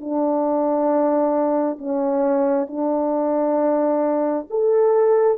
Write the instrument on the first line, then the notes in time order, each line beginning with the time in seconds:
horn
0.00 D4
1.78 C#4
2.67 D4
4.50 A4